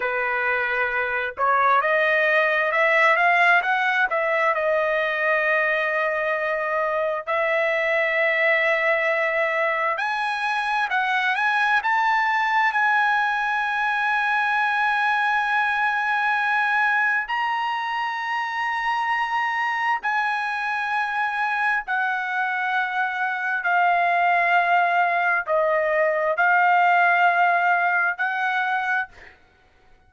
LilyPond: \new Staff \with { instrumentName = "trumpet" } { \time 4/4 \tempo 4 = 66 b'4. cis''8 dis''4 e''8 f''8 | fis''8 e''8 dis''2. | e''2. gis''4 | fis''8 gis''8 a''4 gis''2~ |
gis''2. ais''4~ | ais''2 gis''2 | fis''2 f''2 | dis''4 f''2 fis''4 | }